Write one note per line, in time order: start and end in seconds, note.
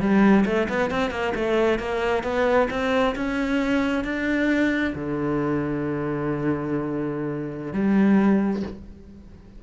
0.00 0.45 G3
0.45 0.68 A3
0.69 0.91 B3
0.91 1.11 C4
1.11 1.33 A#3
1.35 1.79 A3
1.79 2.23 A#3
2.23 2.68 B3
2.70 3.15 C4
3.15 4.04 C#4
4.04 4.94 D4
4.95 7.73 D3
7.73 8.62 G3